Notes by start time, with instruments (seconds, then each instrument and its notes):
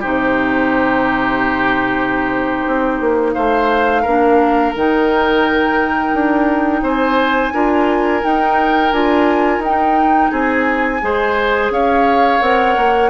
0.00 bassoon C3, clarinet D#4, oboe G4, flute C5
2.67 bassoon C4
3.01 bassoon A#3
3.33 bassoon A3, oboe C5, flute F5
4.02 bassoon A#3, clarinet D4, oboe A#4
4.75 bassoon D#3, clarinet D#4, flute G5
6.13 bassoon D4
6.82 bassoon C4, oboe C5, flute G#5
7.53 bassoon D4, clarinet F4, oboe A#4
8.22 clarinet D#4, bassoon D#4, flute G5
8.92 bassoon D4, clarinet F4, flute G#5
9.59 bassoon D#4, flute G5
9.67 clarinet D#4
10.31 bassoon C4, oboe G#4, flute G#5
11.01 bassoon G#3, clarinet G#4, oboe C5
11.70 bassoon C#4, oboe C#5, flute F5
12.41 bassoon C4, clarinet A#4, flute F#5
12.77 bassoon A#3